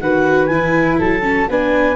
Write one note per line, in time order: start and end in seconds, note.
0.00 0.50 D#3
0.00 0.51 F#4
0.00 0.99 B4
0.00 0.46 F#5
0.46 0.99 E3
0.46 1.23 E4
0.46 0.96 G#5
0.99 1.48 F#3
0.99 1.49 A4
0.99 1.50 A5
1.23 1.47 C#4
1.48 1.96 B3
1.48 1.96 D4
1.48 1.96 B4
1.48 1.96 G#5